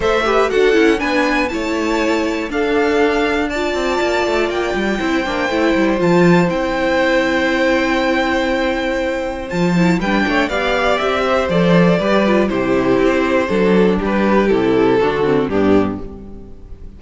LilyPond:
<<
  \new Staff \with { instrumentName = "violin" } { \time 4/4 \tempo 4 = 120 e''4 fis''4 gis''4 a''4~ | a''4 f''2 a''4~ | a''4 g''2. | a''4 g''2.~ |
g''2. a''4 | g''4 f''4 e''4 d''4~ | d''4 c''2. | b'4 a'2 g'4 | }
  \new Staff \with { instrumentName = "violin" } { \time 4/4 c''8 b'8 a'4 b'4 cis''4~ | cis''4 a'2 d''4~ | d''2 c''2~ | c''1~ |
c''1 | b'8 cis''8 d''4. c''4. | b'4 g'2 a'4 | g'2 fis'4 d'4 | }
  \new Staff \with { instrumentName = "viola" } { \time 4/4 a'8 g'8 fis'8 e'8 d'4 e'4~ | e'4 d'2 f'4~ | f'2 e'8 d'8 e'4 | f'4 e'2.~ |
e'2. f'8 e'8 | d'4 g'2 a'4 | g'8 f'8 e'2 d'4~ | d'4 e'4 d'8 c'8 b4 | }
  \new Staff \with { instrumentName = "cello" } { \time 4/4 a4 d'8 cis'8 b4 a4~ | a4 d'2~ d'8 c'8 | ais8 a8 ais8 g8 c'8 ais8 a8 g8 | f4 c'2.~ |
c'2. f4 | g8 a8 b4 c'4 f4 | g4 c4 c'4 fis4 | g4 c4 d4 g,4 | }
>>